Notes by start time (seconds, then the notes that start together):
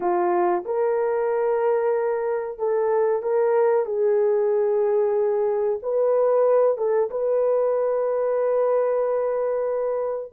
0.00 F4
0.65 A#4
2.58 A4
3.22 A#4
3.85 G#4
5.82 B4
6.77 A4
7.10 B4